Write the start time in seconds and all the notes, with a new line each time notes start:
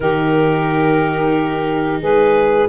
0.00 D#3 D#4 G4 A#4
2.00 G#3 G#4 B4